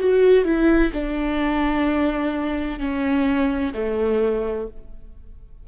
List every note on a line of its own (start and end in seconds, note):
0.00 0.45 F#4
0.45 0.92 E4
0.93 2.80 D4
2.80 3.73 C#4
3.74 4.68 A3